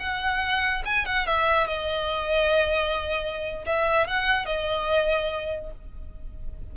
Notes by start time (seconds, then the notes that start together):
0.00 F#5
0.85 G#5
1.06 F#5
1.27 E5
1.67 D#5
3.66 E5
4.07 F#5
4.46 D#5